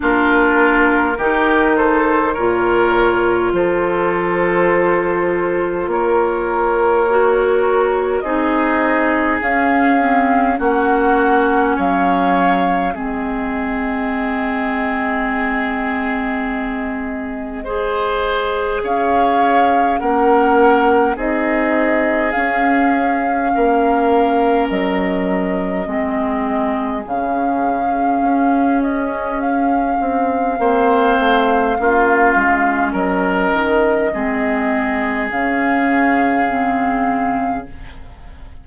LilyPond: <<
  \new Staff \with { instrumentName = "flute" } { \time 4/4 \tempo 4 = 51 ais'4. c''8 cis''4 c''4~ | c''4 cis''2 dis''4 | f''4 fis''4 f''4 dis''4~ | dis''1 |
f''4 fis''4 dis''4 f''4~ | f''4 dis''2 f''4~ | f''8 dis''8 f''2. | dis''2 f''2 | }
  \new Staff \with { instrumentName = "oboe" } { \time 4/4 f'4 g'8 a'8 ais'4 a'4~ | a'4 ais'2 gis'4~ | gis'4 fis'4 cis''4 gis'4~ | gis'2. c''4 |
cis''4 ais'4 gis'2 | ais'2 gis'2~ | gis'2 c''4 f'4 | ais'4 gis'2. | }
  \new Staff \with { instrumentName = "clarinet" } { \time 4/4 d'4 dis'4 f'2~ | f'2 fis'4 dis'4 | cis'8 c'8 cis'2 c'4~ | c'2. gis'4~ |
gis'4 cis'4 dis'4 cis'4~ | cis'2 c'4 cis'4~ | cis'2 c'4 cis'4~ | cis'4 c'4 cis'4 c'4 | }
  \new Staff \with { instrumentName = "bassoon" } { \time 4/4 ais4 dis4 ais,4 f4~ | f4 ais2 c'4 | cis'4 ais4 fis4 gis4~ | gis1 |
cis'4 ais4 c'4 cis'4 | ais4 fis4 gis4 cis4 | cis'4. c'8 ais8 a8 ais8 gis8 | fis8 dis8 gis4 cis2 | }
>>